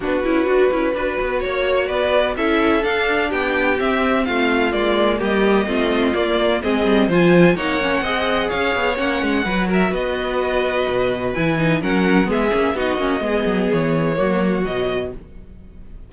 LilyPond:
<<
  \new Staff \with { instrumentName = "violin" } { \time 4/4 \tempo 4 = 127 b'2. cis''4 | d''4 e''4 f''4 g''4 | e''4 f''4 d''4 dis''4~ | dis''4 d''4 dis''4 gis''4 |
fis''2 f''4 fis''4~ | fis''8 e''8 dis''2. | gis''4 fis''4 e''4 dis''4~ | dis''4 cis''2 dis''4 | }
  \new Staff \with { instrumentName = "violin" } { \time 4/4 fis'2 b'4 cis''4 | b'4 a'2 g'4~ | g'4 f'2 g'4 | f'2 gis'4 c''4 |
cis''4 dis''4 cis''2 | b'8 ais'8 b'2.~ | b'4 ais'4 gis'4 fis'4 | gis'2 fis'2 | }
  \new Staff \with { instrumentName = "viola" } { \time 4/4 d'8 e'8 fis'8 e'8 fis'2~ | fis'4 e'4 d'2 | c'2 ais2 | c'4 ais4 c'4 f'4 |
dis'8 cis'8 gis'2 cis'4 | fis'1 | e'8 dis'8 cis'4 b8 cis'8 dis'8 cis'8 | b2 ais4 fis4 | }
  \new Staff \with { instrumentName = "cello" } { \time 4/4 b8 cis'8 d'8 cis'8 d'8 b8 ais4 | b4 cis'4 d'4 b4 | c'4 a4 gis4 g4 | a4 ais4 gis8 g8 f4 |
ais4 c'4 cis'8 b8 ais8 gis8 | fis4 b2 b,4 | e4 fis4 gis8 ais8 b8 ais8 | gis8 fis8 e4 fis4 b,4 | }
>>